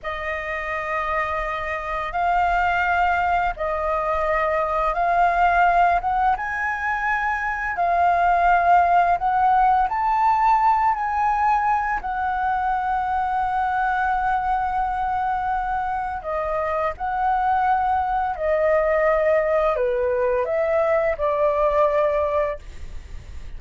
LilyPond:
\new Staff \with { instrumentName = "flute" } { \time 4/4 \tempo 4 = 85 dis''2. f''4~ | f''4 dis''2 f''4~ | f''8 fis''8 gis''2 f''4~ | f''4 fis''4 a''4. gis''8~ |
gis''4 fis''2.~ | fis''2. dis''4 | fis''2 dis''2 | b'4 e''4 d''2 | }